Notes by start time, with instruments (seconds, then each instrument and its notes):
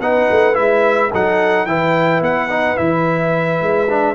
0.00 tuba B3, trombone D#4, horn B4, trumpet F#5
0.30 tuba A3
0.53 tuba G#3, trombone E4, trumpet E5
1.11 tuba F#3, trombone D#4, horn A4, trumpet F#5
1.66 tuba E3, trombone E4, horn B4, trumpet G5
2.21 tuba B3, trumpet F#5
2.49 trombone D#4
2.76 tuba E3, trombone E4, trumpet E5
3.61 tuba G#3
3.90 trombone D4